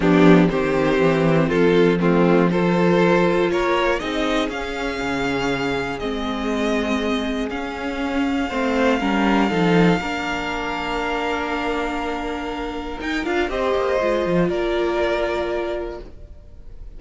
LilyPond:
<<
  \new Staff \with { instrumentName = "violin" } { \time 4/4 \tempo 4 = 120 g'4 c''2 a'4 | f'4 c''2 cis''4 | dis''4 f''2. | dis''2. f''4~ |
f''1~ | f''1~ | f''2 g''8 f''8 dis''4~ | dis''4 d''2. | }
  \new Staff \with { instrumentName = "violin" } { \time 4/4 d'4 g'2 f'4 | c'4 a'2 ais'4 | gis'1~ | gis'1~ |
gis'4 c''4 ais'4 a'4 | ais'1~ | ais'2. c''4~ | c''4 ais'2. | }
  \new Staff \with { instrumentName = "viola" } { \time 4/4 b4 c'2. | a4 f'2. | dis'4 cis'2. | c'2. cis'4~ |
cis'4 c'4 cis'4 dis'4 | d'1~ | d'2 dis'8 f'8 g'4 | f'1 | }
  \new Staff \with { instrumentName = "cello" } { \time 4/4 f4 dis4 e4 f4~ | f2. ais4 | c'4 cis'4 cis2 | gis2. cis'4~ |
cis'4 a4 g4 f4 | ais1~ | ais2 dis'8 d'8 c'8 ais8 | gis8 f8 ais2. | }
>>